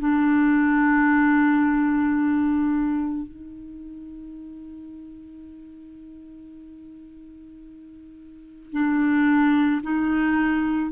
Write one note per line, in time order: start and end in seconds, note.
0.00 3.27 D4
3.28 8.73 D#4
8.73 9.82 D4
9.83 10.92 D#4